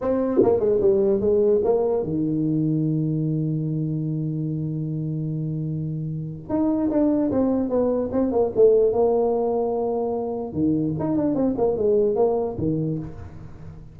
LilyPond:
\new Staff \with { instrumentName = "tuba" } { \time 4/4 \tempo 4 = 148 c'4 ais8 gis8 g4 gis4 | ais4 dis2.~ | dis1~ | dis1 |
dis'4 d'4 c'4 b4 | c'8 ais8 a4 ais2~ | ais2 dis4 dis'8 d'8 | c'8 ais8 gis4 ais4 dis4 | }